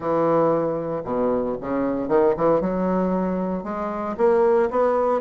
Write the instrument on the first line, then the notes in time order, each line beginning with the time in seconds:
bassoon
0.00 E3
1.04 B2
1.60 C#3
2.08 D#3
2.36 E3
2.61 F#3
3.63 G#3
4.17 A#3
4.70 B3